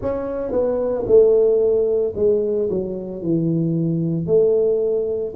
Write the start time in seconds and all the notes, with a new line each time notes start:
0.01 C#4
0.51 B3
1.06 A3
2.15 G#3
2.70 F#3
3.21 E3
4.26 A3